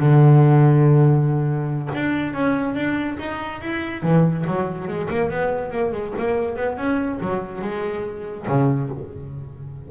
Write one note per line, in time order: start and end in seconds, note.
0.00 1.90 D3
1.95 2.34 D4
2.34 2.75 C#4
2.75 3.18 D4
3.20 3.62 D#4
3.62 4.03 E4
4.03 4.45 E3
4.48 4.88 F#3
4.88 5.09 G#3
5.11 5.31 A#3
5.31 5.72 B3
5.72 5.93 A#3
5.93 6.14 G#3
6.18 6.57 A#3
6.57 6.78 B3
6.78 7.20 C#4
7.21 7.62 F#3
7.62 8.47 G#3
8.49 8.91 C#3